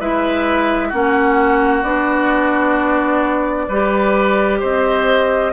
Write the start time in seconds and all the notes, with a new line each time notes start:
0.00 G#3 E4 B4 E5
0.88 A#3 C#4 F#4 F#5
1.83 B3 D4 D5
3.68 G3 G4 B4
4.60 C4 C5 D#5